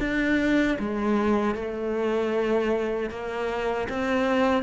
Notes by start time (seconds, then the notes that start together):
0.00 D4
0.80 G#3
1.56 A3
3.11 A#3
3.90 C4